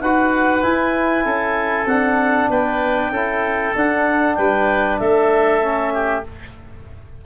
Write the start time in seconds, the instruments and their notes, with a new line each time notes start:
0.00 tuba D#4, trombone F#4, oboe B4, clarinet F#5
0.62 trombone E4, tuba E4, clarinet G#5
1.25 tuba C#4, oboe A4
1.86 tuba C4, trombone D4, clarinet F#5
2.50 tuba B3, oboe B4, clarinet G5
3.10 tuba C#4, trombone E4, oboe A4
3.75 trombone D4, tuba D4, clarinet F#5
4.35 tuba G3, oboe B4, clarinet G5
4.98 tuba A3, oboe A4, clarinet E5
5.62 trombone C#4
5.93 oboe G4